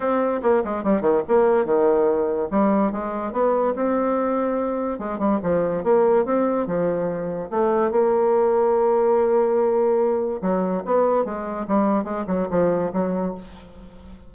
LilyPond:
\new Staff \with { instrumentName = "bassoon" } { \time 4/4 \tempo 4 = 144 c'4 ais8 gis8 g8 dis8 ais4 | dis2 g4 gis4 | b4 c'2. | gis8 g8 f4 ais4 c'4 |
f2 a4 ais4~ | ais1~ | ais4 fis4 b4 gis4 | g4 gis8 fis8 f4 fis4 | }